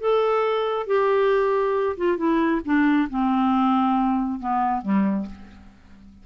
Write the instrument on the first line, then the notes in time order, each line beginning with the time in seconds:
clarinet
0.00 A4
0.87 G4
1.97 F4
2.17 E4
2.65 D4
3.10 C4
4.40 B3
4.82 G3